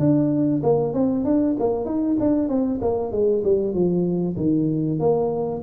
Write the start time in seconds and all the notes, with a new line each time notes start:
0.00 D4
0.64 A#3
0.94 C4
1.25 D4
1.60 A#3
1.86 D#4
2.20 D4
2.49 C4
2.82 A#3
3.12 G#3
3.44 G3
3.74 F3
4.37 D#3
5.00 A#3